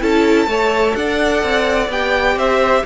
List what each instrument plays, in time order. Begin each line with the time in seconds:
0.00 cello C#4, viola E4, violin A4 A5
0.46 cello A3, viola A4, violin C#5
0.95 cello D4, violin D5 F#5
1.43 cello C4
1.89 cello B3, viola G4, violin G5
2.36 cello C4, violin C5 E5